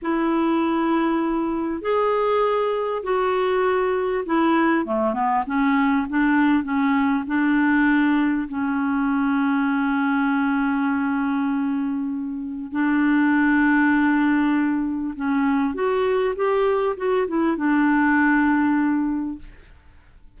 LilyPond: \new Staff \with { instrumentName = "clarinet" } { \time 4/4 \tempo 4 = 99 e'2. gis'4~ | gis'4 fis'2 e'4 | a8 b8 cis'4 d'4 cis'4 | d'2 cis'2~ |
cis'1~ | cis'4 d'2.~ | d'4 cis'4 fis'4 g'4 | fis'8 e'8 d'2. | }